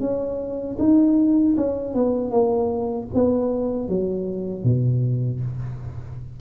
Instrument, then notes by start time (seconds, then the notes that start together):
tuba
0.00 C#4
0.79 D#4
1.57 C#4
1.94 B3
2.30 A#3
3.14 B3
3.88 F#3
4.64 B2